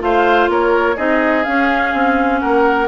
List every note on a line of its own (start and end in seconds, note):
0.00 0.49 A3
0.00 0.96 F4
0.00 0.51 C5
0.00 0.50 F5
0.49 0.97 A#3
0.49 0.96 A#4
0.49 0.98 C#5
0.96 1.46 C4
0.96 1.46 D#4
0.96 2.41 G#4
0.96 1.45 D#5
1.45 2.89 C#4
1.45 1.94 C#4
1.45 2.40 F5
1.94 2.42 C4
2.40 2.89 A#3
2.40 2.89 A#4
2.40 2.88 F#5